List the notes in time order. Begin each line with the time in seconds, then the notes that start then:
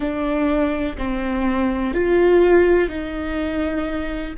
0.00 D4
0.97 C4
1.94 F4
2.89 D#4